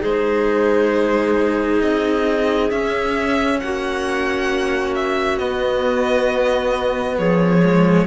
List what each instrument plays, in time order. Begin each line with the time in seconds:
0.00 cello G#3 D#4, clarinet G#4, violin C5
1.81 cello C4, violin D#5
2.70 cello C#4, violin E5
3.60 cello A#3, clarinet F#4, violin F#5
4.95 violin E5
5.37 cello B3, violin D#5
7.18 cello F3, clarinet G#4, violin C#5
7.62 cello G#3